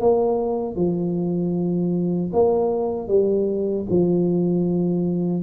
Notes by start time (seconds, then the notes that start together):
0.00 A#3
0.76 F3
2.33 A#3
3.08 G3
3.90 F3